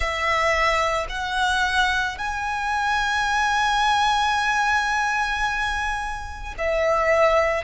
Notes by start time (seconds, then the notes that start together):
0.00 E5
1.09 F#5
2.18 G#5
6.58 E5